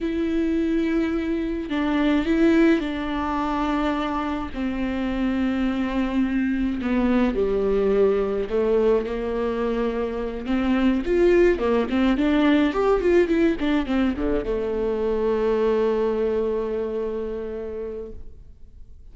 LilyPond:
\new Staff \with { instrumentName = "viola" } { \time 4/4 \tempo 4 = 106 e'2. d'4 | e'4 d'2. | c'1 | b4 g2 a4 |
ais2~ ais8 c'4 f'8~ | f'8 ais8 c'8 d'4 g'8 f'8 e'8 | d'8 c'8 d8 a2~ a8~ | a1 | }